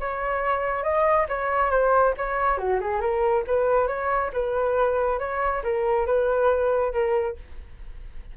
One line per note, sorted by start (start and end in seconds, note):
0.00 0.83 C#5
0.83 1.26 D#5
1.28 1.70 C#5
1.70 2.14 C5
2.17 2.57 C#5
2.57 2.79 F#4
2.80 3.00 G#4
3.00 3.44 A#4
3.46 3.87 B4
3.87 4.31 C#5
4.33 5.19 B4
5.19 5.62 C#5
5.63 6.06 A#4
6.06 6.92 B4
6.92 7.36 A#4